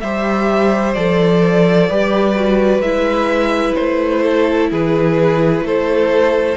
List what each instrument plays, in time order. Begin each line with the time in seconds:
0.00 cello G3, viola G4, violin C5 E5
0.94 cello F3, viola A4, violin D5
1.89 cello G3, viola G4, violin B4
2.36 viola F#4
2.79 cello G#3, viola E4, violin E5
3.74 cello A3, violin C5
4.23 violin A4
4.71 cello E3, violin G#4 B4
5.61 cello A3, violin A4 C5